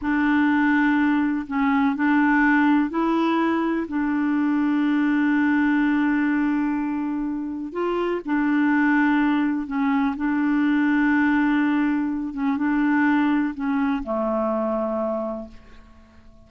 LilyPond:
\new Staff \with { instrumentName = "clarinet" } { \time 4/4 \tempo 4 = 124 d'2. cis'4 | d'2 e'2 | d'1~ | d'1 |
f'4 d'2. | cis'4 d'2.~ | d'4. cis'8 d'2 | cis'4 a2. | }